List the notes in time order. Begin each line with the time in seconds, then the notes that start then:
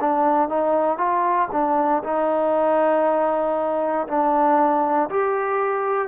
0.00 D4
0.49 D#4
0.98 F4
1.52 D4
2.03 D#4
4.07 D4
5.09 G4